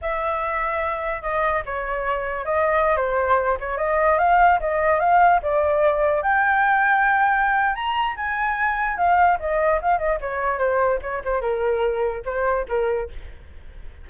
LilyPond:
\new Staff \with { instrumentName = "flute" } { \time 4/4 \tempo 4 = 147 e''2. dis''4 | cis''2 dis''4~ dis''16 c''8.~ | c''8. cis''8 dis''4 f''4 dis''8.~ | dis''16 f''4 d''2 g''8.~ |
g''2. ais''4 | gis''2 f''4 dis''4 | f''8 dis''8 cis''4 c''4 cis''8 c''8 | ais'2 c''4 ais'4 | }